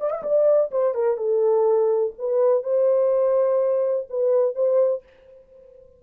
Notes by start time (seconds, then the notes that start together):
0.00 D5
0.10 E5
0.23 D5
0.71 C5
0.94 A#4
1.17 A4
2.18 B4
2.63 C5
4.10 B4
4.55 C5